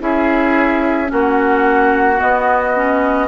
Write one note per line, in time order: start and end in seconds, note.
0.00 1.10 C#4
0.00 1.07 E4
0.00 1.12 G#4
0.00 1.11 E5
1.07 2.21 A#3
1.07 2.16 C#4
1.07 3.28 F#4
1.14 2.20 F#5
2.17 2.72 B3
2.17 3.28 B3
2.17 3.28 D#5
2.75 3.28 C#4